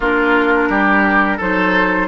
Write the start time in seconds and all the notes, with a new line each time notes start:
0.00 A#3 D4 F4 A#4
0.69 G3 G4
1.37 F#3 D#4 A4 C5